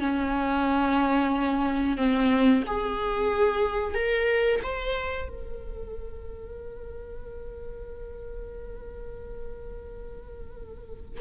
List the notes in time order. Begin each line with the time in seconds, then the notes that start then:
0.00 C#4
1.98 C4
2.67 G#4
3.95 A#4
4.64 C5
5.29 A#4